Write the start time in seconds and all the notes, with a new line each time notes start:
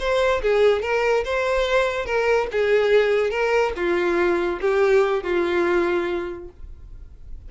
0.00 C5
0.43 G#4
0.83 A#4
1.25 C5
2.06 A#4
2.52 G#4
3.31 A#4
3.76 F4
4.61 G4
5.24 F4